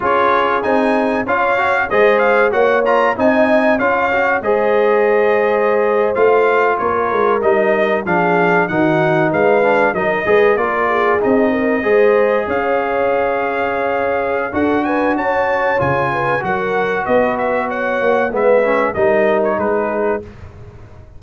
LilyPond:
<<
  \new Staff \with { instrumentName = "trumpet" } { \time 4/4 \tempo 4 = 95 cis''4 gis''4 f''4 dis''8 f''8 | fis''8 ais''8 gis''4 f''4 dis''4~ | dis''4.~ dis''16 f''4 cis''4 dis''16~ | dis''8. f''4 fis''4 f''4 dis''16~ |
dis''8. d''4 dis''2 f''16~ | f''2. fis''8 gis''8 | a''4 gis''4 fis''4 dis''8 e''8 | fis''4 e''4 dis''8. cis''16 b'4 | }
  \new Staff \with { instrumentName = "horn" } { \time 4/4 gis'2 cis''4 c''4 | cis''4 dis''4 cis''4 c''4~ | c''2~ c''8. ais'4~ ais'16~ | ais'8. gis'4 fis'4 b'4 ais'16~ |
ais'16 b'8 ais'8 gis'4 ais'8 c''4 cis''16~ | cis''2. a'8 b'8 | cis''4. b'8 ais'4 b'4 | cis''4 b'4 ais'4 gis'4 | }
  \new Staff \with { instrumentName = "trombone" } { \time 4/4 f'4 dis'4 f'8 fis'8 gis'4 | fis'8 f'8 dis'4 f'8 fis'8 gis'4~ | gis'4.~ gis'16 f'2 dis'16~ | dis'8. d'4 dis'4. d'8 dis'16~ |
dis'16 gis'8 f'4 dis'4 gis'4~ gis'16~ | gis'2. fis'4~ | fis'4 f'4 fis'2~ | fis'4 b8 cis'8 dis'2 | }
  \new Staff \with { instrumentName = "tuba" } { \time 4/4 cis'4 c'4 cis'4 gis4 | ais4 c'4 cis'4 gis4~ | gis4.~ gis16 a4 ais8 gis8 g16~ | g8. f4 dis4 gis4 fis16~ |
fis16 gis8 ais4 c'4 gis4 cis'16~ | cis'2. d'4 | cis'4 cis4 fis4 b4~ | b8 ais8 gis4 g4 gis4 | }
>>